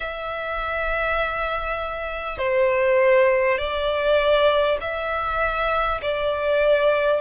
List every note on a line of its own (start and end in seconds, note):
0.00 2.38 E5
2.38 3.58 C5
3.58 4.78 D5
4.80 6.00 E5
6.02 7.21 D5